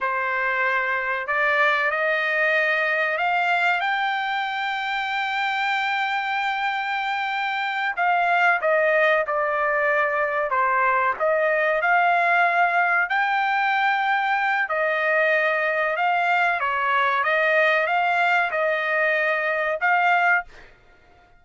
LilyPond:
\new Staff \with { instrumentName = "trumpet" } { \time 4/4 \tempo 4 = 94 c''2 d''4 dis''4~ | dis''4 f''4 g''2~ | g''1~ | g''8 f''4 dis''4 d''4.~ |
d''8 c''4 dis''4 f''4.~ | f''8 g''2~ g''8 dis''4~ | dis''4 f''4 cis''4 dis''4 | f''4 dis''2 f''4 | }